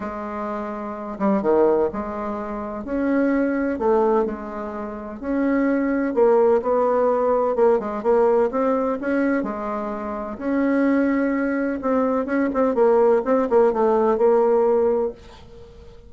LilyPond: \new Staff \with { instrumentName = "bassoon" } { \time 4/4 \tempo 4 = 127 gis2~ gis8 g8 dis4 | gis2 cis'2 | a4 gis2 cis'4~ | cis'4 ais4 b2 |
ais8 gis8 ais4 c'4 cis'4 | gis2 cis'2~ | cis'4 c'4 cis'8 c'8 ais4 | c'8 ais8 a4 ais2 | }